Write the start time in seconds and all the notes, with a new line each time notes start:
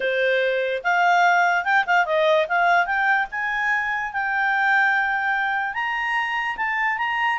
0.00 C5
0.83 F5
1.64 G5
1.86 F5
2.05 D#5
2.48 F5
2.85 G5
3.31 G#5
4.12 G5
5.74 A#5
6.56 A5
6.98 A#5